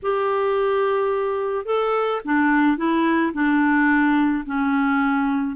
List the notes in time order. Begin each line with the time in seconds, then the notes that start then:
0.02 G4
1.65 A4
2.24 D4
2.77 E4
3.33 D4
4.46 C#4